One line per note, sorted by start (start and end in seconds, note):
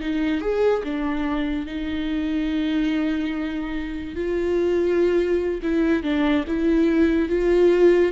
0.00 0.41 D#4
0.41 0.83 G#4
0.83 1.66 D4
1.66 4.15 D#4
4.15 5.61 F4
5.62 6.03 E4
6.03 6.44 D4
6.47 7.29 E4
7.29 8.12 F4